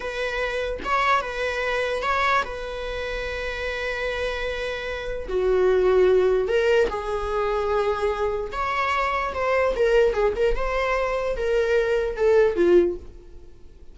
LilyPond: \new Staff \with { instrumentName = "viola" } { \time 4/4 \tempo 4 = 148 b'2 cis''4 b'4~ | b'4 cis''4 b'2~ | b'1~ | b'4 fis'2. |
ais'4 gis'2.~ | gis'4 cis''2 c''4 | ais'4 gis'8 ais'8 c''2 | ais'2 a'4 f'4 | }